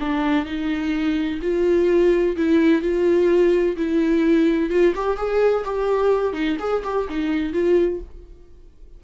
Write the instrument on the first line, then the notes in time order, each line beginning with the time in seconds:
viola
0.00 D4
0.46 D#4
1.42 F4
2.37 E4
2.82 F4
3.77 E4
4.70 F4
4.96 G4
5.18 G#4
5.65 G4
6.34 D#4
6.60 G#4
6.84 G4
7.10 D#4
7.54 F4